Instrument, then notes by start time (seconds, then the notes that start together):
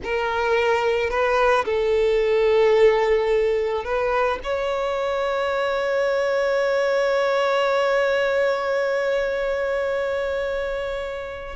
violin
0.03 A#4
1.09 B4
1.65 A4
3.84 B4
4.43 C#5